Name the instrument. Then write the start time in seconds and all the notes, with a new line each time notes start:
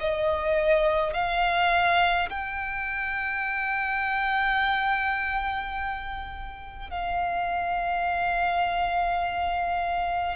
violin
0.00 D#5
1.14 F5
2.30 G5
6.90 F5